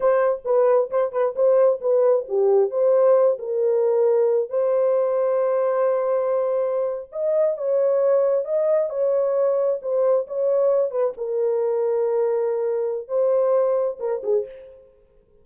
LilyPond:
\new Staff \with { instrumentName = "horn" } { \time 4/4 \tempo 4 = 133 c''4 b'4 c''8 b'8 c''4 | b'4 g'4 c''4. ais'8~ | ais'2 c''2~ | c''2.~ c''8. dis''16~ |
dis''8. cis''2 dis''4 cis''16~ | cis''4.~ cis''16 c''4 cis''4~ cis''16~ | cis''16 b'8 ais'2.~ ais'16~ | ais'4 c''2 ais'8 gis'8 | }